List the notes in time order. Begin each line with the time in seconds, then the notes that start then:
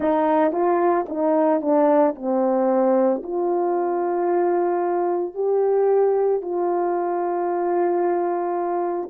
0.00 D#4
0.52 F4
1.09 D#4
1.61 D4
2.15 C4
3.23 F4
5.34 G4
6.41 F4